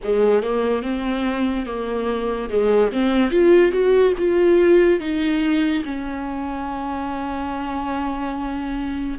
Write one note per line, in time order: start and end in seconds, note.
0.03 0.42 G#3
0.42 0.82 A#3
0.82 1.66 C4
1.66 2.49 A#3
2.49 2.91 G#3
2.92 3.30 C4
3.30 3.71 F4
3.71 4.13 F#4
4.17 5.00 F4
5.00 5.83 D#4
5.84 9.18 C#4